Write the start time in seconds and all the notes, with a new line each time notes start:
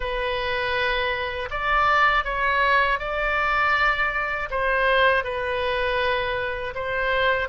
0.00 B4
1.50 D5
2.24 C#5
2.99 D5
4.50 C5
5.24 B4
6.75 C5